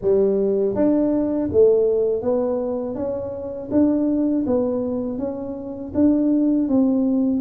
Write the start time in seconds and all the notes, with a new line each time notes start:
0.01 G3
0.75 D4
1.52 A3
2.22 B3
2.95 C#4
3.71 D4
4.46 B3
5.18 C#4
5.94 D4
6.68 C4